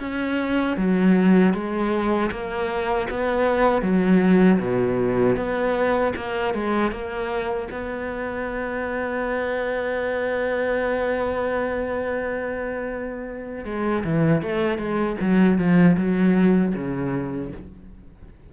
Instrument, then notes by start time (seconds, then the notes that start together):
cello
0.00 C#4
0.77 F#3
1.54 G#3
2.31 A#3
3.10 B3
3.82 F#3
4.59 B2
5.37 B3
6.16 A#3
6.54 G#3
6.92 A#3
7.71 B3
13.65 G#3
14.04 E3
14.42 A3
14.78 G#3
15.21 F#3
15.58 F3
15.97 F#3
16.75 C#3